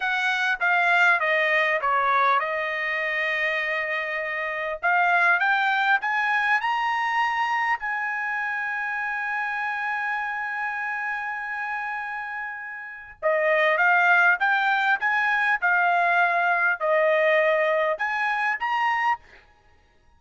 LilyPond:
\new Staff \with { instrumentName = "trumpet" } { \time 4/4 \tempo 4 = 100 fis''4 f''4 dis''4 cis''4 | dis''1 | f''4 g''4 gis''4 ais''4~ | ais''4 gis''2.~ |
gis''1~ | gis''2 dis''4 f''4 | g''4 gis''4 f''2 | dis''2 gis''4 ais''4 | }